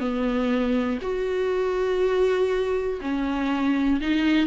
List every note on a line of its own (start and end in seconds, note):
0.00 0.99 B3
1.02 3.00 F#4
3.01 4.01 C#4
4.01 4.47 D#4